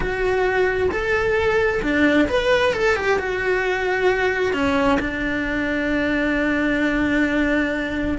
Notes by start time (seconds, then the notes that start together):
0.00 F#4
0.91 A4
1.82 D4
2.28 B4
2.73 A4
2.96 G4
3.18 F#4
4.53 C#4
4.99 D4